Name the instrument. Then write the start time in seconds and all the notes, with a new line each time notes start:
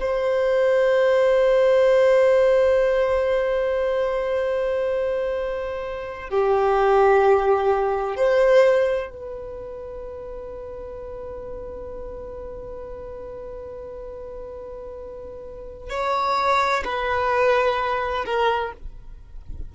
violin
0.00 C5
6.29 G4
8.16 C5
9.10 B4
15.90 C#5
16.85 B4
18.26 A#4